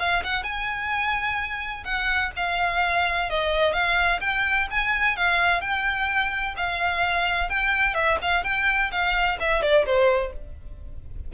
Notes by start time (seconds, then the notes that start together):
0.00 F5
0.24 F#5
0.44 G#5
1.85 F#5
2.37 F5
3.30 D#5
3.73 F5
4.21 G5
4.71 G#5
5.17 F5
5.61 G5
6.57 F5
7.50 G5
7.95 E5
8.22 F5
8.44 G5
8.92 F5
9.40 E5
9.63 D5
9.86 C5